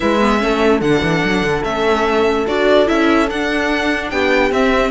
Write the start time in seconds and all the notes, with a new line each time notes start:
0.00 G#3 E4 B4 E5
0.20 B3
0.39 A3 C#4 A4
0.81 D3 D4 F#5
1.02 E3
1.24 F#3
1.42 D3
1.63 A3 C#4 E5
2.47 D4 F#4 D5
2.86 C#4 E4 E5
3.28 D4 F#5
4.10 B3 G4 G5
4.51 C4 E5